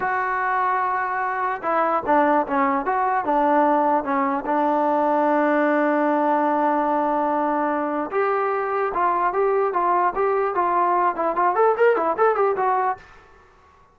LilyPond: \new Staff \with { instrumentName = "trombone" } { \time 4/4 \tempo 4 = 148 fis'1 | e'4 d'4 cis'4 fis'4 | d'2 cis'4 d'4~ | d'1~ |
d'1 | g'2 f'4 g'4 | f'4 g'4 f'4. e'8 | f'8 a'8 ais'8 e'8 a'8 g'8 fis'4 | }